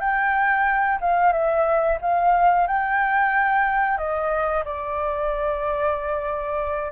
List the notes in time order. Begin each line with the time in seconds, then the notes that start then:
0.00 G5
1.01 F5
1.32 E5
2.01 F5
2.67 G5
3.97 D#5
4.65 D5